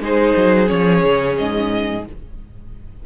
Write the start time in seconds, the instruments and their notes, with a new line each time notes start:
0.00 cello G#3, viola D#4, violin G#4 C5
0.37 cello F#3
0.66 cello F3, viola C#4, violin C#5
1.04 cello C#3
1.38 cello G#2, violin D#5